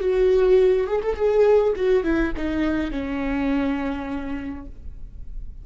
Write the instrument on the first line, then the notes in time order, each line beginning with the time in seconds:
viola
0.00 F#4
0.87 G#4
1.02 A4
1.15 G#4
1.76 F#4
2.04 E4
2.37 D#4
2.91 C#4